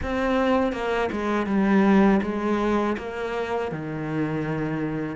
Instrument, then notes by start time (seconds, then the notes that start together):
cello
0.02 C4
0.72 A#3
1.11 G#3
1.46 G3
2.22 G#3
2.97 A#3
3.71 D#3